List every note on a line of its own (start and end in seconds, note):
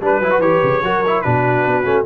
0.00 0.20 G3
0.00 0.22 D4
0.00 0.84 B4
0.00 0.41 B4
0.20 0.38 F#3
0.20 0.31 E4
0.31 0.41 F#4
0.38 0.59 E3
0.38 0.82 G4
0.38 1.21 C#5
0.63 0.83 C#3
0.83 1.24 F#3
0.83 1.05 F#4
0.83 1.26 A#4
1.06 1.24 E4
1.21 1.66 B2
1.21 1.84 D4
1.21 2.06 F#4
1.21 2.03 B4
1.66 1.85 B3
1.84 2.05 A3
1.84 2.05 C#4